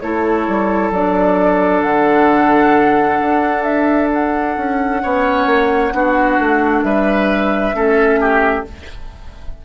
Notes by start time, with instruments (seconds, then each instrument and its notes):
0.00 bassoon A3, clarinet E4, oboe A4, flute C#5
0.47 bassoon G3
0.91 bassoon F#3, clarinet D4, flute D5
1.82 bassoon D3, flute F#5
3.21 bassoon D4
3.63 flute E5
4.13 flute F#5
4.57 bassoon C#4
5.02 bassoon B3, clarinet C#4, oboe C#5
5.46 bassoon A#3
5.92 bassoon B3, clarinet D4, oboe F#4
6.39 bassoon A3
6.82 bassoon G3, oboe B4, flute E5
7.73 bassoon A3, clarinet C#4, oboe A4
8.20 oboe G4